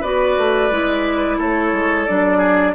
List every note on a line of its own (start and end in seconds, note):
0.00 0.37 B3
0.00 0.71 F#4
0.00 1.36 B4
0.00 1.39 D5
0.37 0.70 A3
0.70 1.38 G#3
0.70 2.07 E4
1.38 1.72 A3
1.38 2.37 A4
1.38 2.06 C#5
1.72 2.06 G#3
2.06 2.74 F#3
2.06 2.74 D4
2.06 2.74 D5
2.37 2.71 G#4